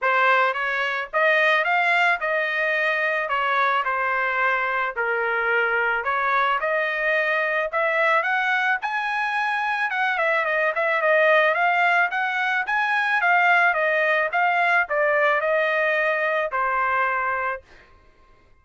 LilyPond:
\new Staff \with { instrumentName = "trumpet" } { \time 4/4 \tempo 4 = 109 c''4 cis''4 dis''4 f''4 | dis''2 cis''4 c''4~ | c''4 ais'2 cis''4 | dis''2 e''4 fis''4 |
gis''2 fis''8 e''8 dis''8 e''8 | dis''4 f''4 fis''4 gis''4 | f''4 dis''4 f''4 d''4 | dis''2 c''2 | }